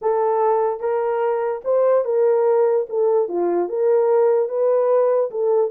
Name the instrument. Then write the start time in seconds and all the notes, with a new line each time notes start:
horn
0.01 A4
0.80 A#4
1.64 C5
2.04 A#4
2.89 A4
3.28 F4
3.68 A#4
4.48 B4
5.30 A4